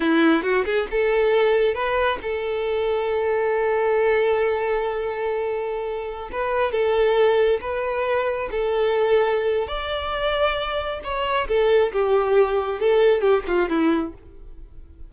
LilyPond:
\new Staff \with { instrumentName = "violin" } { \time 4/4 \tempo 4 = 136 e'4 fis'8 gis'8 a'2 | b'4 a'2.~ | a'1~ | a'2~ a'16 b'4 a'8.~ |
a'4~ a'16 b'2 a'8.~ | a'2 d''2~ | d''4 cis''4 a'4 g'4~ | g'4 a'4 g'8 f'8 e'4 | }